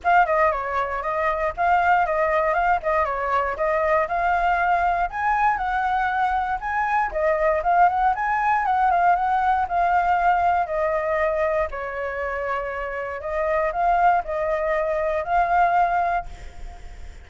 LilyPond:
\new Staff \with { instrumentName = "flute" } { \time 4/4 \tempo 4 = 118 f''8 dis''8 cis''4 dis''4 f''4 | dis''4 f''8 dis''8 cis''4 dis''4 | f''2 gis''4 fis''4~ | fis''4 gis''4 dis''4 f''8 fis''8 |
gis''4 fis''8 f''8 fis''4 f''4~ | f''4 dis''2 cis''4~ | cis''2 dis''4 f''4 | dis''2 f''2 | }